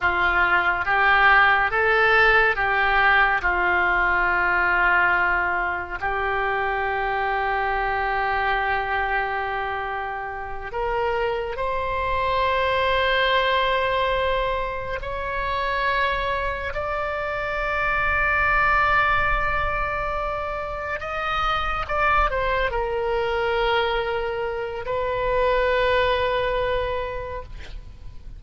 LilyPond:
\new Staff \with { instrumentName = "oboe" } { \time 4/4 \tempo 4 = 70 f'4 g'4 a'4 g'4 | f'2. g'4~ | g'1~ | g'8 ais'4 c''2~ c''8~ |
c''4. cis''2 d''8~ | d''1~ | d''8 dis''4 d''8 c''8 ais'4.~ | ais'4 b'2. | }